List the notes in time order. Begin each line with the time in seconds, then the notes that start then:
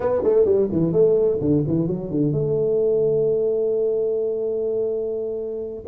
0.00 B3
0.23 A3
0.45 G3
0.71 E3
0.92 A3
1.40 D3
1.67 E3
1.87 F#3
2.10 D3
2.32 A3